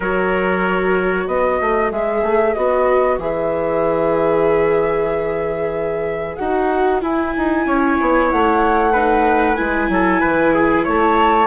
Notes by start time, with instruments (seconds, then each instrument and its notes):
0.00 bassoon F#3, viola F#4, trumpet A#4, flute C#5
1.27 bassoon B3, trumpet B4, flute D#5
1.60 bassoon A3
1.91 bassoon G#3, viola G#4, flute E5
2.22 bassoon A3
2.53 bassoon B3, viola F#4, flute D#5
3.17 bassoon E3, viola G#4, flute E5
6.36 bassoon D#4, viola F#4, flute F#5
7.01 viola E4, bassoon E4, flute G#5
7.37 bassoon D#4
7.65 bassoon C#4, trumpet C#5
8.01 bassoon B3
8.30 bassoon A3, flute F#5
8.92 viola D#4, trumpet B4
9.55 bassoon G#3, viola E4, flute G#5
9.88 bassoon F#3, trumpet A4
10.20 bassoon E3, trumpet B4
10.54 trumpet G#4
10.84 bassoon A3, trumpet C#5, flute A5